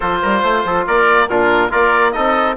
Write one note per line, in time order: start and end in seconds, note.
0.00 0.23 F3
0.00 1.29 F4
0.00 0.21 A4
0.00 0.85 C5
0.22 0.42 G3
0.22 0.41 A#4
0.41 0.64 A3
0.41 0.62 C5
0.64 0.85 F3
0.64 0.86 A4
0.86 1.28 A#3
0.86 1.29 A#4
0.86 1.28 D5
1.28 1.71 A#2
1.28 1.70 D4
1.28 1.71 F4
1.28 1.71 A#4
1.70 2.16 A#3
1.70 2.12 F4
1.70 2.13 A#4
1.70 2.12 D5
2.12 2.56 C4
2.12 2.55 D#4
2.12 2.56 A4
2.12 2.55 D#5